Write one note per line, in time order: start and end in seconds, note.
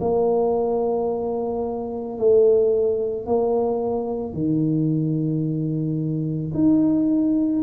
0.00 2.18 A#3
2.18 3.26 A3
3.26 4.33 A#3
4.33 6.51 D#3
6.54 7.62 D#4